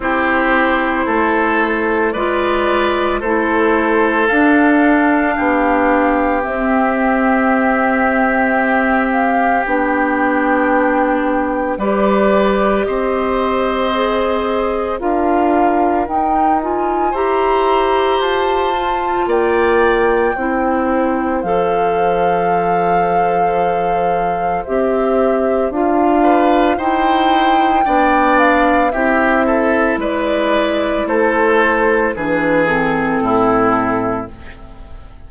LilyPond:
<<
  \new Staff \with { instrumentName = "flute" } { \time 4/4 \tempo 4 = 56 c''2 d''4 c''4 | f''2 e''2~ | e''8 f''8 g''2 d''4 | dis''2 f''4 g''8 gis''8 |
ais''4 a''4 g''2 | f''2. e''4 | f''4 g''4. f''8 e''4 | d''4 c''4 b'8 a'4. | }
  \new Staff \with { instrumentName = "oboe" } { \time 4/4 g'4 a'4 b'4 a'4~ | a'4 g'2.~ | g'2. b'4 | c''2 ais'2 |
c''2 d''4 c''4~ | c''1~ | c''8 b'8 c''4 d''4 g'8 a'8 | b'4 a'4 gis'4 e'4 | }
  \new Staff \with { instrumentName = "clarinet" } { \time 4/4 e'2 f'4 e'4 | d'2 c'2~ | c'4 d'2 g'4~ | g'4 gis'4 f'4 dis'8 f'8 |
g'4. f'4. e'4 | a'2. g'4 | f'4 e'4 d'4 e'4~ | e'2 d'8 c'4. | }
  \new Staff \with { instrumentName = "bassoon" } { \time 4/4 c'4 a4 gis4 a4 | d'4 b4 c'2~ | c'4 b2 g4 | c'2 d'4 dis'4 |
e'4 f'4 ais4 c'4 | f2. c'4 | d'4 dis'4 b4 c'4 | gis4 a4 e4 a,4 | }
>>